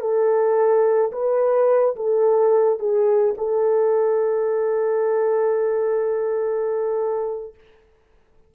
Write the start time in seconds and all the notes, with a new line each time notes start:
0.00 A4
1.12 B4
1.95 A4
2.79 G#4
3.37 A4